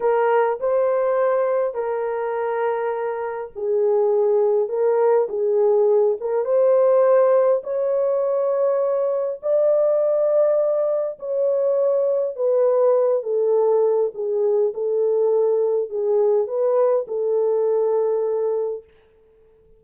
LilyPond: \new Staff \with { instrumentName = "horn" } { \time 4/4 \tempo 4 = 102 ais'4 c''2 ais'4~ | ais'2 gis'2 | ais'4 gis'4. ais'8 c''4~ | c''4 cis''2. |
d''2. cis''4~ | cis''4 b'4. a'4. | gis'4 a'2 gis'4 | b'4 a'2. | }